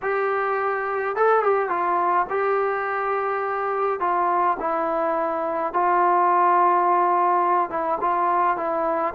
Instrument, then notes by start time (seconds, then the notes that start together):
trombone
0.02 G4
1.16 A4
1.42 G4
1.69 F4
2.29 G4
4.00 F4
4.59 E4
5.73 F4
7.69 E4
8.01 F4
8.57 E4